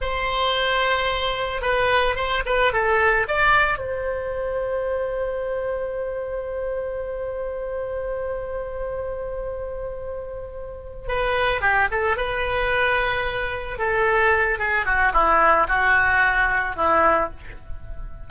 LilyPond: \new Staff \with { instrumentName = "oboe" } { \time 4/4 \tempo 4 = 111 c''2. b'4 | c''8 b'8 a'4 d''4 c''4~ | c''1~ | c''1~ |
c''1~ | c''8 b'4 g'8 a'8 b'4.~ | b'4. a'4. gis'8 fis'8 | e'4 fis'2 e'4 | }